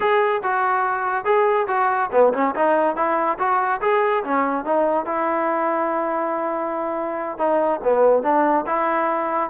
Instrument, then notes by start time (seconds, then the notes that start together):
trombone
0.00 G#4
0.43 F#4
1.24 G#4
1.67 F#4
2.11 B3
2.33 C#4
2.55 D#4
2.95 E4
3.38 F#4
3.81 G#4
4.23 C#4
4.64 D#4
5.05 E4
7.38 D#4
7.83 B3
8.23 D4
8.66 E4